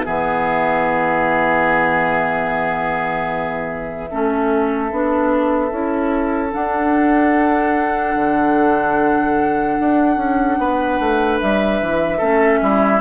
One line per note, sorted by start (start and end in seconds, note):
0.00 4.09 B3
0.00 4.10 G#4
0.00 6.49 E5
0.06 4.11 E3
4.10 4.92 A3
4.10 4.91 C#4
4.10 10.59 A4
4.91 5.71 B3
4.91 5.71 D4
5.71 6.53 C#4
5.71 6.50 E4
6.50 12.17 D4
6.50 11.40 F#5
6.56 8.15 D4
8.15 9.77 D3
9.80 10.17 D4
10.17 10.57 C#4
10.58 10.99 B3
10.58 12.18 B4
10.99 11.40 A3
11.40 11.81 G3
11.40 13.01 E5
11.81 12.21 E3
12.18 12.61 A3
12.18 13.01 C#4
12.18 12.58 A4
12.62 13.01 G3
12.62 13.01 E4